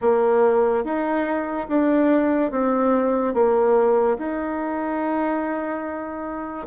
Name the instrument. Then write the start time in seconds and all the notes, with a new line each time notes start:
bassoon
0.01 A#3
0.84 D#4
1.68 D4
2.51 C4
3.34 A#3
4.18 D#4